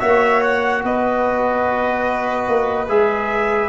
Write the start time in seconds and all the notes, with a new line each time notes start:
0.00 A#3 F#4 C#5 E5
0.43 F#5
0.84 B3 B4 D#5
2.48 A#3
2.89 G#3 G#4 E5